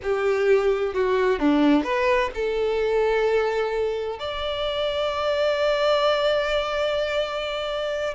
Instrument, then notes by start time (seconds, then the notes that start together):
violin
0.02 G4
0.93 F#4
1.39 D4
1.83 B4
2.34 A4
4.19 D5